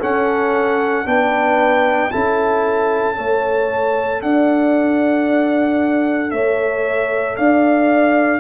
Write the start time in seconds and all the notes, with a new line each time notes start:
0.00 C#4 A4 F#5
1.06 B3 D4 B4 G5
2.11 C#4 E4 A4 A5
3.14 A3 A4 C#5
4.22 D4 D5 F#5
6.31 A3 C#5 E5
7.37 D4 D5 F5